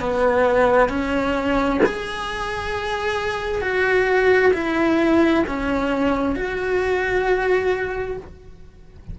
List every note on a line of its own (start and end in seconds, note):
0.00 0.89 B3
0.89 1.80 C#4
1.85 3.61 G#4
3.61 4.52 F#4
4.53 5.44 E4
5.47 6.35 C#4
6.35 8.17 F#4